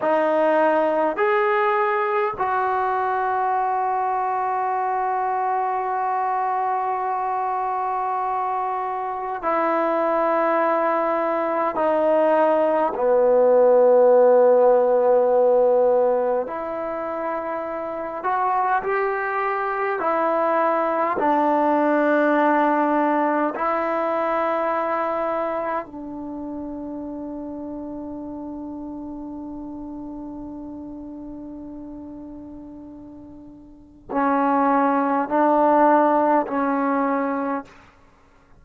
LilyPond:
\new Staff \with { instrumentName = "trombone" } { \time 4/4 \tempo 4 = 51 dis'4 gis'4 fis'2~ | fis'1 | e'2 dis'4 b4~ | b2 e'4. fis'8 |
g'4 e'4 d'2 | e'2 d'2~ | d'1~ | d'4 cis'4 d'4 cis'4 | }